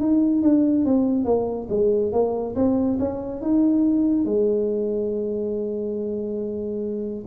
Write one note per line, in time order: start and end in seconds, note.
0.00 0.43 D#4
0.43 0.85 D4
0.85 1.25 C4
1.25 1.68 A#3
1.70 2.12 G#3
2.12 2.55 A#3
2.56 2.99 C4
2.99 3.42 C#4
3.42 4.25 D#4
4.25 7.25 G#3